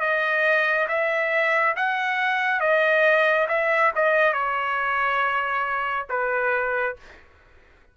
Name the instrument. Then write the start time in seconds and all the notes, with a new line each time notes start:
trumpet
0.00 D#5
0.88 E5
1.76 F#5
2.60 D#5
3.48 E5
3.95 D#5
4.33 C#5
6.09 B4